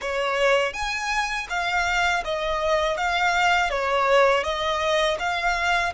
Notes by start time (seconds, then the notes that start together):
0.01 C#5
0.73 G#5
1.49 F5
2.24 D#5
2.97 F5
3.69 C#5
4.43 D#5
5.19 F5